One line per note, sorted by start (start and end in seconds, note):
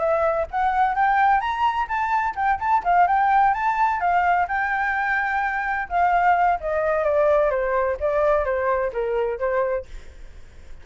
0.00 0.47 E5
0.52 0.96 F#5
0.96 1.41 G5
1.41 1.88 A#5
1.89 2.35 A5
2.36 2.60 G5
2.60 2.84 A5
2.85 3.08 F5
3.08 3.55 G5
3.55 4.01 A5
4.01 4.48 F5
4.48 5.89 G5
5.89 6.60 F5
6.61 7.05 D#5
7.05 7.51 D5
7.51 7.98 C5
8.01 8.45 D5
8.45 8.92 C5
8.93 9.39 A#4
9.39 9.86 C5